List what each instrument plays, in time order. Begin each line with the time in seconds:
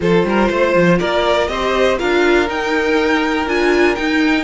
0.00 cello F3, viola F4, violin A4 C5
0.24 cello G3, violin A#4
0.48 cello A3, violin C5
0.75 cello F3
0.99 cello A#3, violin A#4 D5
1.47 cello C4, viola G4, violin C5 D#5
1.98 cello D4, viola F4, violin A#4 F5
2.47 viola D#4, cello D#4, violin G5
3.46 cello D4, viola F4, violin G#5
3.95 viola D#4, cello D#4, violin G5